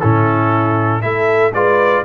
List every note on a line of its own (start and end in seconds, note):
0.00 1.04 A2
0.00 1.02 C#4
0.00 1.02 E4
0.00 1.02 A4
1.02 1.53 A3
1.02 1.53 E4
1.02 1.53 A4
1.02 1.53 E5
1.53 2.03 G#3
1.53 2.05 F4
1.53 2.04 B4
1.53 2.04 D5